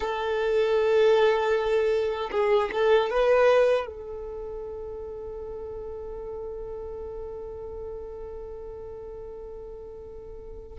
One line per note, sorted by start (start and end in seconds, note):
0.00 2.30 A4
2.31 2.70 G#4
2.72 3.09 A4
3.09 3.86 B4
3.86 10.78 A4